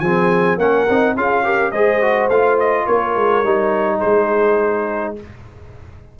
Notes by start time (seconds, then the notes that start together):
0.00 F3 C4 G#4 G#5
0.58 A#3 C#4 A#4 F#5
0.89 C4 D#4
1.16 C#4 F4 G#4 F5
1.44 G4 A#4
1.72 G#3 G#4 C5 D#5
2.02 F#4
2.29 A3 F4 F5
2.59 D#5
2.86 A#3 A#4 C#5
3.16 G#3
3.44 G3 D#4
3.97 G#4 C5
4.05 G#3